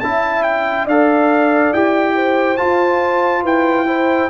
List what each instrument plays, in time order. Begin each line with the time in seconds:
0.00 tuba C#4, trombone E4, horn E5, trumpet A5
0.43 trumpet G5
0.85 tuba D4, trombone A4, horn D5, trumpet F5
1.73 tuba E4, trombone G4, trumpet G5
2.15 horn C5
2.57 trombone F4, tuba F4, trumpet A5
3.42 tuba E4, horn B4, trumpet G5
3.86 trombone E4, horn C5